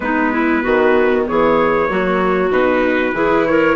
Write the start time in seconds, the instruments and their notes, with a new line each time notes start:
0.00 bassoon G#3, viola B3, clarinet D#4, trumpet B4
0.31 clarinet E4
0.62 bassoon D#3, clarinet F#4
1.27 bassoon E3, clarinet G#4, trumpet C#5
1.87 bassoon F#3, viola A#3, clarinet F#4
2.50 bassoon B2, viola D#4, trumpet B4
3.13 bassoon E3, viola E4, clarinet G#4
3.46 clarinet A#4, trumpet C#5